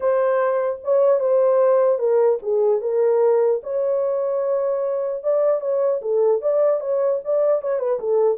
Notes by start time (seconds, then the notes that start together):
0.00 C5
0.84 C#5
1.19 C5
1.99 A#4
2.42 G#4
2.81 A#4
3.63 C#5
5.23 D5
5.61 C#5
6.01 A4
6.41 D5
6.80 C#5
7.24 D5
7.61 C#5
7.79 B4
7.99 A4